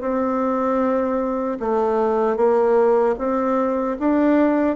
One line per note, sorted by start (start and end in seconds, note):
0.00 1.58 C4
1.59 2.36 A3
2.36 3.15 A#3
3.18 3.97 C4
3.99 4.76 D4